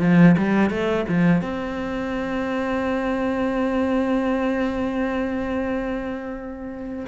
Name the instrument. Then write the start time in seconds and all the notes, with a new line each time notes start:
cello
0.00 F3
0.38 G3
0.70 A3
1.08 F3
1.41 C4